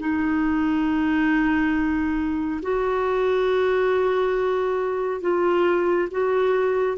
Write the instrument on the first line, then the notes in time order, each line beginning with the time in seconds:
clarinet
0.00 D#4
2.62 F#4
5.21 F4
6.11 F#4